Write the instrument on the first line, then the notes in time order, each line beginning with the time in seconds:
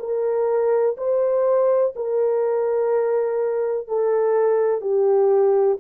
horn
0.00 A#4
0.97 C5
1.96 A#4
3.88 A4
4.81 G4